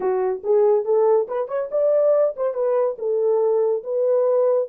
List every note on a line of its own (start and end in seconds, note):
0.00 0.42 F#4
0.43 0.84 G#4
0.84 1.27 A4
1.28 1.48 B4
1.48 1.69 C#5
1.71 2.35 D5
2.36 2.54 C5
2.54 2.96 B4
2.98 3.83 A4
3.83 4.68 B4